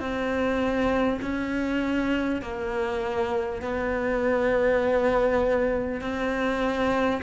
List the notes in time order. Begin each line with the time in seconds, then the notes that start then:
0.00 C4
1.22 C#4
2.42 A#3
3.62 B3
6.01 C4